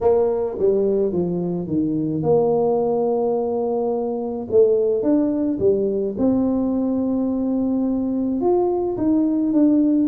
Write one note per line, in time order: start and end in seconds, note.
0.01 0.57 A#3
0.59 1.12 G3
1.12 1.67 F3
1.67 2.22 D#3
2.22 4.47 A#3
4.50 5.02 A3
5.02 5.58 D4
5.59 6.15 G3
6.18 8.40 C4
8.40 8.96 F4
8.97 9.53 D#4
9.53 10.08 D4